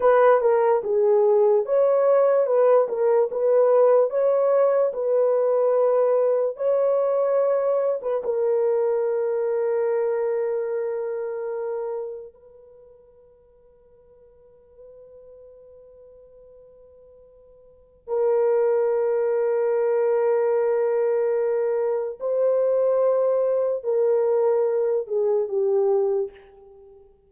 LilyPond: \new Staff \with { instrumentName = "horn" } { \time 4/4 \tempo 4 = 73 b'8 ais'8 gis'4 cis''4 b'8 ais'8 | b'4 cis''4 b'2 | cis''4.~ cis''16 b'16 ais'2~ | ais'2. b'4~ |
b'1~ | b'2 ais'2~ | ais'2. c''4~ | c''4 ais'4. gis'8 g'4 | }